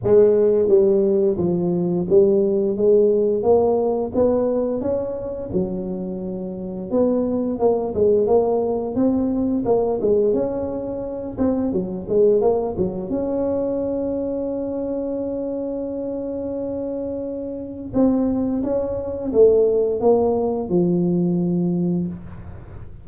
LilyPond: \new Staff \with { instrumentName = "tuba" } { \time 4/4 \tempo 4 = 87 gis4 g4 f4 g4 | gis4 ais4 b4 cis'4 | fis2 b4 ais8 gis8 | ais4 c'4 ais8 gis8 cis'4~ |
cis'8 c'8 fis8 gis8 ais8 fis8 cis'4~ | cis'1~ | cis'2 c'4 cis'4 | a4 ais4 f2 | }